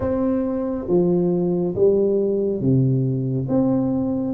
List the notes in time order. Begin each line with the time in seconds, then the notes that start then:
0.00 C4
0.87 F3
1.75 G3
2.60 C3
3.48 C4